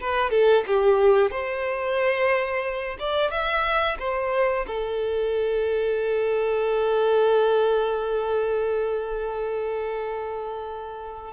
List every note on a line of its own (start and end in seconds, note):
0.00 0.30 B4
0.30 0.64 A4
0.67 1.31 G4
1.31 2.97 C5
2.99 3.30 D5
3.30 3.97 E5
3.99 4.65 C5
4.67 11.33 A4